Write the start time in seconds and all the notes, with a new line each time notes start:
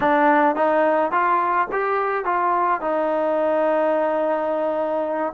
0.00 D4
0.55 D#4
1.11 F4
1.72 G4
2.24 F4
2.80 D#4